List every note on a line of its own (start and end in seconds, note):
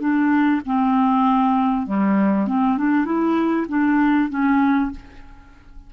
0.00 0.61 D4
0.65 1.86 C4
1.86 2.47 G3
2.47 2.77 C4
2.77 3.05 D4
3.05 3.67 E4
3.68 4.29 D4
4.29 4.91 C#4